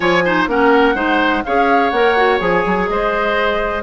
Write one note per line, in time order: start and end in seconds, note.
0.00 0.47 F3
0.00 0.23 F4
0.00 0.23 C#5
0.00 0.45 G#5
0.24 0.48 D#4
0.24 0.48 C5
0.47 0.95 A#3
0.47 0.95 C#4
0.47 0.95 A#4
0.47 1.44 F#5
0.95 1.43 G#3
0.95 1.43 D#4
0.95 1.43 C5
1.44 1.92 C#4
1.44 1.93 G#4
1.44 2.89 C#5
1.44 1.90 F5
1.90 2.40 A#3
1.90 2.17 A#4
1.90 2.38 F#5
2.17 2.39 F#4
2.39 2.64 F3
2.39 3.83 G#4
2.39 2.87 G#5
2.65 2.89 F#3
2.88 3.83 G#3
2.88 3.83 C5
2.88 3.83 D#5